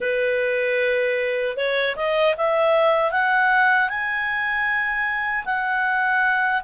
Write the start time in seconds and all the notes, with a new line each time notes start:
0.00 B4
1.56 C#5
1.96 D#5
2.37 E5
3.11 F#5
3.89 G#5
5.45 F#5